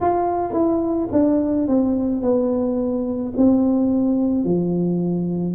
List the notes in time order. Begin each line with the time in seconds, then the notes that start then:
0.01 F4
0.53 E4
1.12 D4
1.67 C4
2.22 B3
3.36 C4
4.44 F3